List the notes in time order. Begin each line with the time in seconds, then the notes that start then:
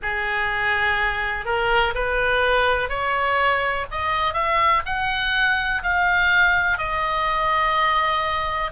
0.02 G#4
1.45 A#4
1.94 B4
2.89 C#5
3.91 D#5
4.33 E5
4.85 F#5
5.82 F5
6.77 D#5